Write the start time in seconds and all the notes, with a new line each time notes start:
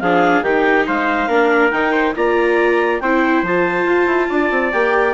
0.00 F3 D4 G#4 F5
0.42 D#3 D#4 G4 G5
0.86 G#3 C5 F5
1.28 A#3 D4 A#4
1.71 D#3 D#4 G5
1.92 C5
2.15 A#3 F4 D5 A#5
3.00 C4 E4 C5 G5
3.42 F3 F4 A5
3.85 F4
4.06 E4
4.29 D4 D5
4.51 C4
4.72 A#3 G4 G5